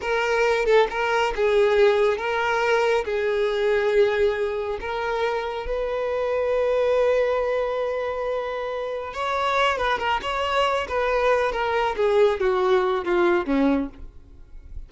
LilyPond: \new Staff \with { instrumentName = "violin" } { \time 4/4 \tempo 4 = 138 ais'4. a'8 ais'4 gis'4~ | gis'4 ais'2 gis'4~ | gis'2. ais'4~ | ais'4 b'2.~ |
b'1~ | b'4 cis''4. b'8 ais'8 cis''8~ | cis''4 b'4. ais'4 gis'8~ | gis'8 fis'4. f'4 cis'4 | }